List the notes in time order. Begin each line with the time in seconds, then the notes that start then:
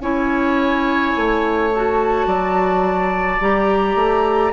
0.00 C#4 E4 C#5 G#5
1.17 A3
1.75 F#4 A5
2.27 F#3 D5
3.41 G3 G4 A#5
3.96 A3